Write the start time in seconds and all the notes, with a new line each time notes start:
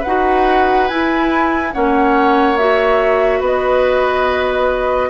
0.00 D#4 F#4 B4 F#5
0.88 E4 G#5
1.73 A#3 C#4 C#5 F#5
2.57 F#4 E5
3.40 B3 B4 D#5